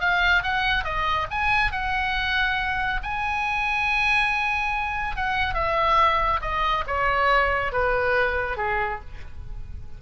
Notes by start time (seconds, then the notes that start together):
0.00 F5
0.43 F#5
0.84 D#5
1.31 G#5
1.72 F#5
3.03 G#5
5.16 F#5
5.54 E5
6.41 D#5
6.86 C#5
7.72 B4
8.57 G#4